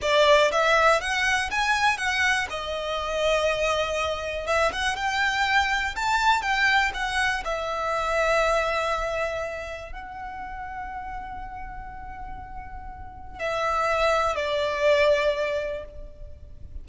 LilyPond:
\new Staff \with { instrumentName = "violin" } { \time 4/4 \tempo 4 = 121 d''4 e''4 fis''4 gis''4 | fis''4 dis''2.~ | dis''4 e''8 fis''8 g''2 | a''4 g''4 fis''4 e''4~ |
e''1 | fis''1~ | fis''2. e''4~ | e''4 d''2. | }